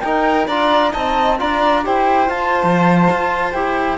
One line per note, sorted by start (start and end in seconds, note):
0.00 0.49 D#4
0.00 0.47 D#4
0.00 0.47 A#4
0.00 0.45 G5
0.47 0.93 D4
0.47 0.93 F4
0.47 0.92 D5
0.47 0.92 A#5
0.92 1.41 C4
0.92 1.38 D#4
0.92 1.37 D#5
0.92 1.38 A5
1.38 1.86 D4
1.38 1.83 F4
1.38 1.85 D5
1.38 1.85 A#5
1.83 2.29 E4
1.83 2.27 G4
1.83 3.98 C5
1.83 2.30 G5
2.27 3.52 F4
2.27 2.63 F4
2.27 3.52 A5
2.63 3.09 F3
3.10 3.54 F4
3.52 3.98 E4
3.52 3.98 G4
3.52 3.97 G5